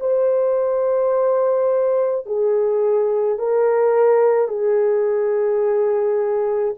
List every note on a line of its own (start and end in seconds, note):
0.00 2.26 C5
2.26 3.39 G#4
3.39 4.48 A#4
4.48 6.75 G#4